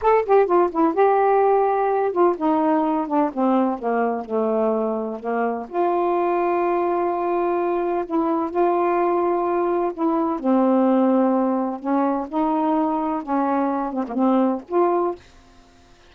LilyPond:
\new Staff \with { instrumentName = "saxophone" } { \time 4/4 \tempo 4 = 127 a'8 g'8 f'8 e'8 g'2~ | g'8 f'8 dis'4. d'8 c'4 | ais4 a2 ais4 | f'1~ |
f'4 e'4 f'2~ | f'4 e'4 c'2~ | c'4 cis'4 dis'2 | cis'4. c'16 ais16 c'4 f'4 | }